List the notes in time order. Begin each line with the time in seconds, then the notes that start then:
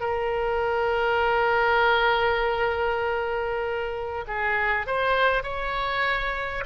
0.00 A#4
4.27 G#4
4.87 C5
5.43 C#5